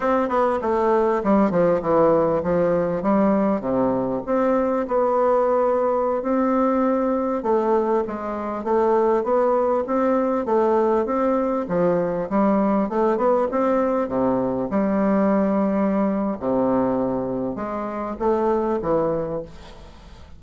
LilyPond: \new Staff \with { instrumentName = "bassoon" } { \time 4/4 \tempo 4 = 99 c'8 b8 a4 g8 f8 e4 | f4 g4 c4 c'4 | b2~ b16 c'4.~ c'16~ | c'16 a4 gis4 a4 b8.~ |
b16 c'4 a4 c'4 f8.~ | f16 g4 a8 b8 c'4 c8.~ | c16 g2~ g8. c4~ | c4 gis4 a4 e4 | }